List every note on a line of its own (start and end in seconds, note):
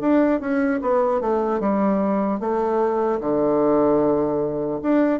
0.00 0.40 D4
0.40 0.80 C#4
0.81 1.20 B3
1.20 1.60 A3
1.60 2.40 G3
2.40 3.20 A3
3.20 4.80 D3
4.82 5.20 D4